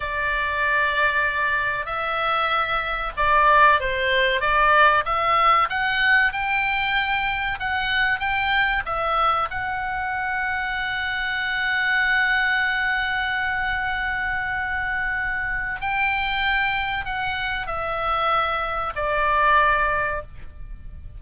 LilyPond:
\new Staff \with { instrumentName = "oboe" } { \time 4/4 \tempo 4 = 95 d''2. e''4~ | e''4 d''4 c''4 d''4 | e''4 fis''4 g''2 | fis''4 g''4 e''4 fis''4~ |
fis''1~ | fis''1~ | fis''4 g''2 fis''4 | e''2 d''2 | }